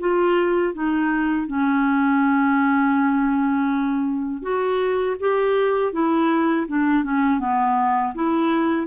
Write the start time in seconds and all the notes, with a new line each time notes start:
0.00 F4
0.74 D#4
1.47 C#4
4.42 F#4
5.20 G4
5.93 E4
6.67 D4
7.04 C#4
7.40 B3
8.15 E4